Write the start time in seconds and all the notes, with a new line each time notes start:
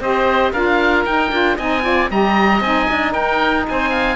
0.00 C4 G4 C5 D#5
0.52 D4 F4 A#4 F5
1.05 D#4 G5
1.32 D4 F4
1.56 C4 D#4 D#5 G#5
1.82 F4 D5
2.10 G3 G4 D#5 A#5
2.61 C4 D#4 G#5
2.90 D4
3.13 D#4 A#4 G5
3.68 C4 C5 G#5
3.90 F5